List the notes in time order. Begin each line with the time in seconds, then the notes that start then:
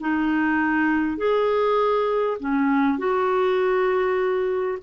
0.00 D#4
1.17 G#4
2.40 C#4
2.98 F#4